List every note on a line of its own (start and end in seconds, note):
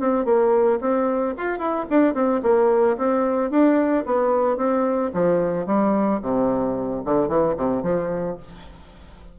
0.00 0.25 C4
0.25 0.79 A#3
0.81 1.35 C4
1.38 1.59 F4
1.59 1.86 E4
1.90 2.14 D4
2.14 2.41 C4
2.43 2.97 A#3
2.98 3.51 C4
3.51 4.05 D4
4.06 4.57 B3
4.57 5.11 C4
5.14 5.66 F3
5.66 6.20 G3
6.22 7.03 C3
7.05 7.28 D3
7.28 7.55 E3
7.57 7.83 C3
7.83 8.37 F3